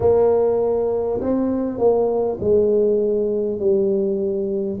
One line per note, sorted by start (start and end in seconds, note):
0.00 1.20 A#3
1.20 1.78 C4
1.78 2.38 A#3
2.40 3.59 G#3
3.59 4.79 G3